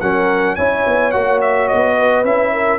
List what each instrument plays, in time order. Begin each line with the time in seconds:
0.00 tuba F#3, trombone C#4, horn A#4, trumpet F#5
0.56 tuba C#4, trombone E4, horn C#5, trumpet G#5
0.87 tuba B3
1.12 tuba A#3, trombone F#4, trumpet F#5
1.41 trumpet E5
1.68 tuba B3, trumpet D#5
1.97 horn B4
2.25 tuba C#4, trombone E4, trumpet E5
2.53 horn A#4